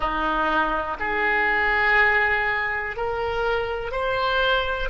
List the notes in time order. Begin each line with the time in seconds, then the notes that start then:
0.00 D#4
0.99 G#4
2.96 A#4
3.91 C5